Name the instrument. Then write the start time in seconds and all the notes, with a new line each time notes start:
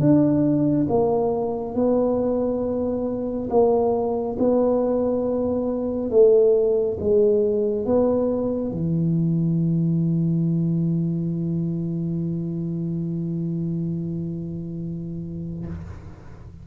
tuba
0.00 D4
0.89 A#3
1.75 B3
3.50 A#3
4.39 B3
6.11 A3
7.00 G#3
7.86 B3
8.72 E3